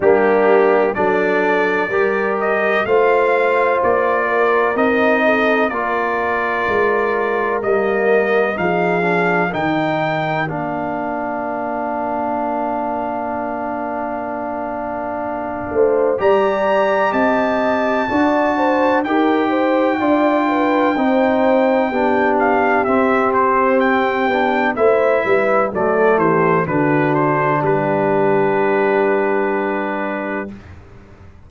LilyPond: <<
  \new Staff \with { instrumentName = "trumpet" } { \time 4/4 \tempo 4 = 63 g'4 d''4. dis''8 f''4 | d''4 dis''4 d''2 | dis''4 f''4 g''4 f''4~ | f''1~ |
f''4 ais''4 a''2 | g''2.~ g''8 f''8 | e''8 c''8 g''4 e''4 d''8 c''8 | b'8 c''8 b'2. | }
  \new Staff \with { instrumentName = "horn" } { \time 4/4 d'4 a'4 ais'4 c''4~ | c''8 ais'4 a'8 ais'2~ | ais'4 gis'4 ais'2~ | ais'1~ |
ais'8 c''8 d''4 dis''4 d''8 c''8 | ais'8 c''8 d''8 b'8 c''4 g'4~ | g'2 c''8 b'8 a'8 g'8 | fis'4 g'2. | }
  \new Staff \with { instrumentName = "trombone" } { \time 4/4 ais4 d'4 g'4 f'4~ | f'4 dis'4 f'2 | ais4 dis'8 d'8 dis'4 d'4~ | d'1~ |
d'4 g'2 fis'4 | g'4 f'4 dis'4 d'4 | c'4. d'8 e'4 a4 | d'1 | }
  \new Staff \with { instrumentName = "tuba" } { \time 4/4 g4 fis4 g4 a4 | ais4 c'4 ais4 gis4 | g4 f4 dis4 ais4~ | ais1~ |
ais8 a8 g4 c'4 d'4 | dis'4 d'4 c'4 b4 | c'4. b8 a8 g8 fis8 e8 | d4 g2. | }
>>